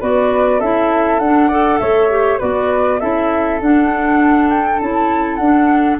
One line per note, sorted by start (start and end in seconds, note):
0.00 0.60 B3
0.00 0.60 F#4
0.00 0.59 B4
0.00 0.60 D5
0.59 1.19 C#4
0.59 1.22 E4
0.59 1.48 A4
0.59 1.19 E5
1.19 1.79 D4
1.19 1.51 D4
1.19 1.78 F#5
1.48 2.10 A4
1.48 1.78 D5
1.78 2.41 A3
1.78 2.38 C#5
1.78 2.38 E5
2.10 2.39 G4
2.38 3.02 B3
2.38 2.99 F#4
2.38 2.98 B4
2.38 3.00 D5
3.00 3.61 C#4
3.00 3.60 E4
3.00 6.00 A4
3.00 3.60 E5
3.61 4.81 D4
3.61 4.80 D4
3.61 4.49 F#5
4.49 4.79 G5
4.80 5.39 C#4
4.80 5.40 E4
4.80 5.36 A5
5.36 5.99 D4
5.36 6.00 D4
5.36 5.96 F#5